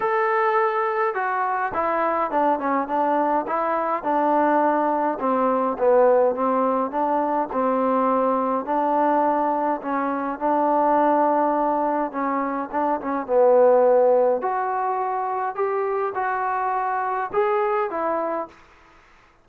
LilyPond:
\new Staff \with { instrumentName = "trombone" } { \time 4/4 \tempo 4 = 104 a'2 fis'4 e'4 | d'8 cis'8 d'4 e'4 d'4~ | d'4 c'4 b4 c'4 | d'4 c'2 d'4~ |
d'4 cis'4 d'2~ | d'4 cis'4 d'8 cis'8 b4~ | b4 fis'2 g'4 | fis'2 gis'4 e'4 | }